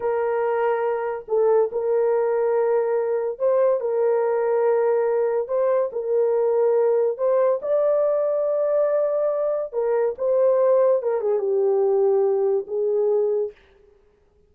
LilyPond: \new Staff \with { instrumentName = "horn" } { \time 4/4 \tempo 4 = 142 ais'2. a'4 | ais'1 | c''4 ais'2.~ | ais'4 c''4 ais'2~ |
ais'4 c''4 d''2~ | d''2. ais'4 | c''2 ais'8 gis'8 g'4~ | g'2 gis'2 | }